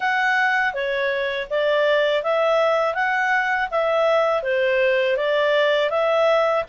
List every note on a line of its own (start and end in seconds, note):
0.00 0.73 F#5
0.73 1.47 C#5
1.49 2.23 D5
2.23 2.94 E5
2.94 3.68 F#5
3.70 4.42 E5
4.42 5.16 C5
5.16 5.90 D5
5.90 6.64 E5